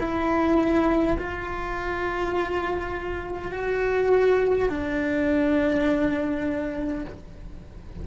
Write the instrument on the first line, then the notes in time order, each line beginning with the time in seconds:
cello
0.00 E4
1.18 F4
3.52 F#4
4.70 D4